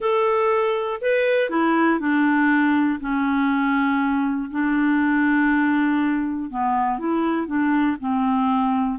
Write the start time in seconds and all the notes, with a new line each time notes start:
0.00 A4
1.01 B4
1.49 E4
1.99 D4
3.00 C#4
4.50 D4
6.50 B3
6.98 E4
7.46 D4
8.00 C4